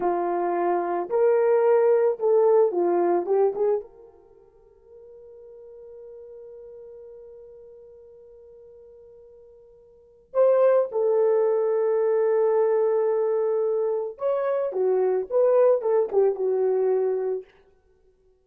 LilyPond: \new Staff \with { instrumentName = "horn" } { \time 4/4 \tempo 4 = 110 f'2 ais'2 | a'4 f'4 g'8 gis'8 ais'4~ | ais'1~ | ais'1~ |
ais'2. c''4 | a'1~ | a'2 cis''4 fis'4 | b'4 a'8 g'8 fis'2 | }